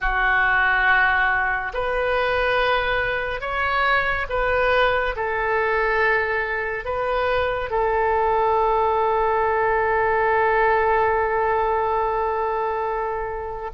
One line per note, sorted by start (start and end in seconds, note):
0.00 1.72 F#4
1.73 3.41 B4
3.41 4.26 C#5
4.29 5.15 B4
5.15 6.85 A4
6.85 7.70 B4
7.70 13.70 A4